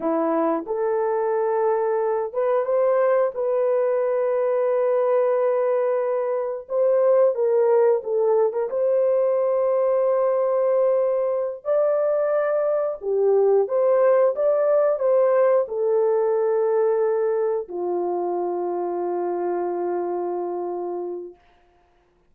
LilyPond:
\new Staff \with { instrumentName = "horn" } { \time 4/4 \tempo 4 = 90 e'4 a'2~ a'8 b'8 | c''4 b'2.~ | b'2 c''4 ais'4 | a'8. ais'16 c''2.~ |
c''4. d''2 g'8~ | g'8 c''4 d''4 c''4 a'8~ | a'2~ a'8 f'4.~ | f'1 | }